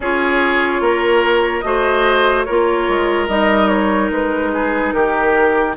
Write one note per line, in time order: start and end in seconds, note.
0.00 0.80 C#4
0.00 1.63 F4
0.00 0.81 G#4
0.00 1.60 C#5
0.80 1.62 A#3
0.80 1.64 A#4
1.60 2.46 A3
1.60 2.46 F#4
1.60 2.46 C5
1.60 2.43 D#5
2.44 2.88 A#3
2.44 3.28 F4
2.44 4.52 A#4
2.44 3.26 C#5
2.88 3.28 G#3
3.27 4.10 G3
3.27 5.75 D#4
3.27 3.68 D#5
3.68 4.09 C#5
4.10 4.93 G#3
4.10 4.92 B4
4.53 4.94 G#4
4.92 5.76 D#3
4.92 5.76 G4
4.92 5.74 A#4